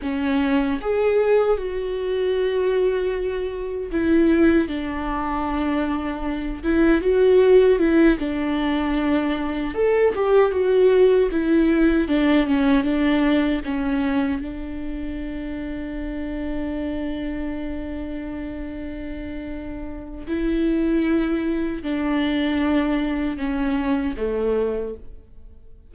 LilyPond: \new Staff \with { instrumentName = "viola" } { \time 4/4 \tempo 4 = 77 cis'4 gis'4 fis'2~ | fis'4 e'4 d'2~ | d'8 e'8 fis'4 e'8 d'4.~ | d'8 a'8 g'8 fis'4 e'4 d'8 |
cis'8 d'4 cis'4 d'4.~ | d'1~ | d'2 e'2 | d'2 cis'4 a4 | }